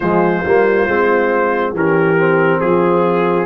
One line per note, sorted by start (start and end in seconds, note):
0.00 0.44 F3
0.00 0.44 G#3
0.00 1.73 F4
0.00 1.74 C5
0.44 0.87 G3
0.44 0.88 A#3
0.87 1.73 G#3
0.87 1.75 C4
1.73 2.60 E3
1.73 2.18 C#4
1.73 2.60 G4
1.73 2.59 A#4
2.18 3.45 C4
2.59 3.45 F3
2.59 3.45 F4
2.59 3.45 G#4